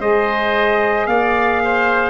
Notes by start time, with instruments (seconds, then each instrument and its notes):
0.00 tuba G#3, saxophone G#4, oboe C5, trumpet D#5
1.07 tuba A#3, oboe D5, trumpet F5
1.64 oboe C5